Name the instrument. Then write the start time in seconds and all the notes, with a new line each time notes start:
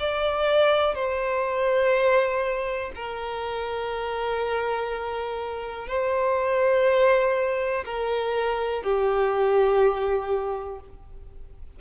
violin
0.00 D5
0.95 C5
2.96 A#4
5.88 C5
7.85 A#4
8.83 G4